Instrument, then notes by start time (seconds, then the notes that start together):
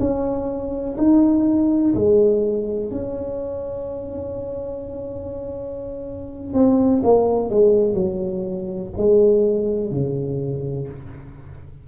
tuba
0.00 C#4
0.98 D#4
1.95 G#3
2.92 C#4
6.54 C4
7.04 A#3
7.50 G#3
7.94 F#3
8.97 G#3
9.92 C#3